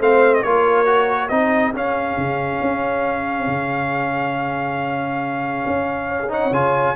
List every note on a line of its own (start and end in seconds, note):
0.00 0.44 A3
0.00 0.46 C4
0.00 0.43 C5
0.00 0.35 F5
0.35 0.43 D#5
0.43 1.31 A#3
0.43 0.86 F4
0.43 1.32 A#4
0.43 1.29 C#5
0.86 1.30 F#4
1.29 1.74 C4
1.29 1.74 D#4
1.29 6.09 G#4
1.29 1.73 D#5
1.74 2.17 C#4
1.74 6.29 C#4
1.74 6.33 F5
2.18 2.61 C#3
2.62 3.47 C#4
3.47 5.64 C#3
5.67 6.52 C#4
6.09 6.20 C#5
6.20 6.31 G#4
6.29 6.51 D#4
6.29 6.96 C#5
6.29 6.54 F#5
6.52 6.95 C#3
6.52 6.96 F4
6.52 6.96 G#5